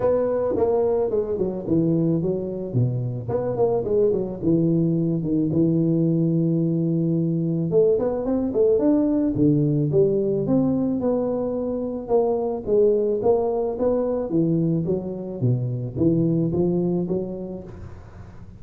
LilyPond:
\new Staff \with { instrumentName = "tuba" } { \time 4/4 \tempo 4 = 109 b4 ais4 gis8 fis8 e4 | fis4 b,4 b8 ais8 gis8 fis8 | e4. dis8 e2~ | e2 a8 b8 c'8 a8 |
d'4 d4 g4 c'4 | b2 ais4 gis4 | ais4 b4 e4 fis4 | b,4 e4 f4 fis4 | }